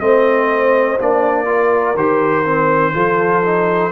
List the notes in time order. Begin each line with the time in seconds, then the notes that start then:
0.00 A3 C4 C5 D#5
0.99 A#3 D4 D5
1.45 F4 A#4
1.95 D#3 G4 C5
2.45 C4
2.93 F3 F4 A4
3.43 D#4